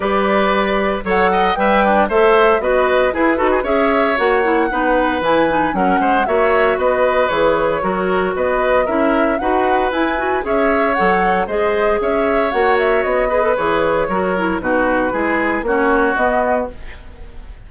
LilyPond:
<<
  \new Staff \with { instrumentName = "flute" } { \time 4/4 \tempo 4 = 115 d''2 fis''4 g''4 | e''4 dis''4 b'4 e''4 | fis''2 gis''4 fis''4 | e''4 dis''4 cis''2 |
dis''4 e''4 fis''4 gis''4 | e''4 fis''4 dis''4 e''4 | fis''8 e''8 dis''4 cis''2 | b'2 cis''4 dis''4 | }
  \new Staff \with { instrumentName = "oboe" } { \time 4/4 b'2 cis''8 dis''8 e''8 d'8 | c''4 b'4 gis'8 a'16 gis'16 cis''4~ | cis''4 b'2 ais'8 c''8 | cis''4 b'2 ais'4 |
b'4 ais'4 b'2 | cis''2 c''4 cis''4~ | cis''4. b'4. ais'4 | fis'4 gis'4 fis'2 | }
  \new Staff \with { instrumentName = "clarinet" } { \time 4/4 g'2 a'4 b'4 | a'4 fis'4 e'8 fis'8 gis'4 | fis'8 e'8 dis'4 e'8 dis'8 cis'4 | fis'2 gis'4 fis'4~ |
fis'4 e'4 fis'4 e'8 fis'8 | gis'4 a'4 gis'2 | fis'4. gis'16 a'16 gis'4 fis'8 e'8 | dis'4 e'4 cis'4 b4 | }
  \new Staff \with { instrumentName = "bassoon" } { \time 4/4 g2 fis4 g4 | a4 b4 e'8 dis'8 cis'4 | ais4 b4 e4 fis8 gis8 | ais4 b4 e4 fis4 |
b4 cis'4 dis'4 e'4 | cis'4 fis4 gis4 cis'4 | ais4 b4 e4 fis4 | b,4 gis4 ais4 b4 | }
>>